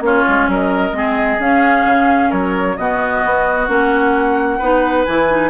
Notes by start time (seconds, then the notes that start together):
0.00 A#3 C#4 F4 C#5
0.27 G#3
0.47 F#3 A#4 D#5
0.91 G#3 C4 G#4
1.39 C#4 F5
1.84 C#3
2.29 F#3 A#4 C#5
2.76 B2 B3 F#4 D#5
3.24 B3
3.67 A#3 C#4 F#5
4.58 B3 D#4 B4
5.04 E3 E4 G#5
5.30 D#4